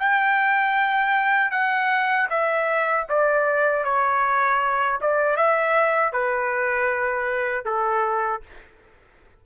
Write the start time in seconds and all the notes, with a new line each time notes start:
0.00 G5
1.51 F#5
2.30 E5
3.09 D5
3.85 C#5
5.01 D5
5.37 E5
6.13 B4
7.65 A4